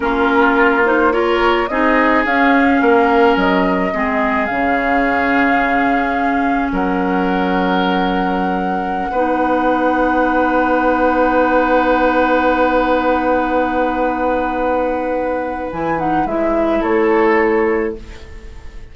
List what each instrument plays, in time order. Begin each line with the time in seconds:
0.00 bassoon A#3, clarinet C#4, oboe F4, flute A#4
0.83 clarinet D#4, flute C5
1.11 clarinet F4, oboe A#4, flute C#5
1.67 bassoon C4, clarinet D#4, oboe G#4, flute D#5
2.25 bassoon C#4, clarinet C#4, flute F5
2.81 bassoon A#3, oboe A#4
3.36 bassoon F#3, flute D#5
3.93 bassoon G#3, clarinet C4, oboe G#4
4.45 bassoon C#3, clarinet C#4, flute F5
6.71 bassoon F#3, oboe A#4, flute F#5
9.10 bassoon B3, clarinet D#4, oboe B4
15.72 bassoon E3, clarinet E4, flute G#5
15.97 clarinet D#4, flute F#5
16.25 bassoon G#3, clarinet E4, flute E5
16.80 bassoon A3, oboe A4, flute C#5